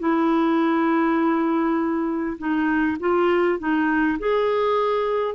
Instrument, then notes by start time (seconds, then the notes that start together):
clarinet
0.00 E4
2.38 D#4
3.00 F4
3.59 D#4
4.20 G#4